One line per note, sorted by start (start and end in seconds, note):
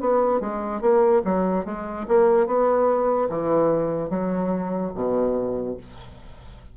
0.00 0.40 B3
0.40 0.81 G#3
0.81 1.22 A#3
1.24 1.65 F#3
1.65 2.06 G#3
2.07 2.47 A#3
2.47 3.29 B3
3.29 4.09 E3
4.09 4.92 F#3
4.95 5.77 B2